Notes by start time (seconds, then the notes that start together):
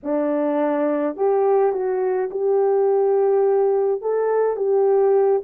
0.03 D4
1.16 G4
1.72 F#4
2.30 G4
4.01 A4
4.56 G4